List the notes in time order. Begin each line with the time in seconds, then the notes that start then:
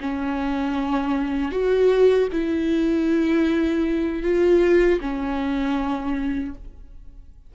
0.00 C#4
1.51 F#4
2.32 E4
4.23 F4
5.01 C#4